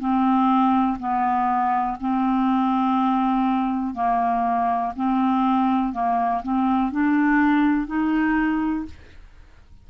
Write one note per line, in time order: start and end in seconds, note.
0.00 0.98 C4
0.99 1.98 B3
2.01 3.95 C4
3.95 4.93 A#3
4.96 5.93 C4
5.93 6.42 A#3
6.43 6.92 C4
6.92 7.87 D4
7.87 8.86 D#4